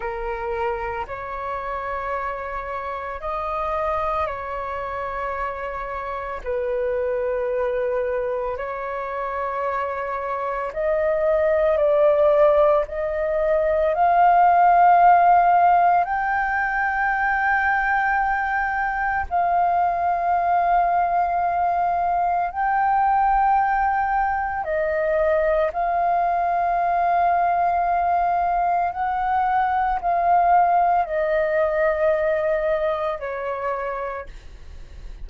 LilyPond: \new Staff \with { instrumentName = "flute" } { \time 4/4 \tempo 4 = 56 ais'4 cis''2 dis''4 | cis''2 b'2 | cis''2 dis''4 d''4 | dis''4 f''2 g''4~ |
g''2 f''2~ | f''4 g''2 dis''4 | f''2. fis''4 | f''4 dis''2 cis''4 | }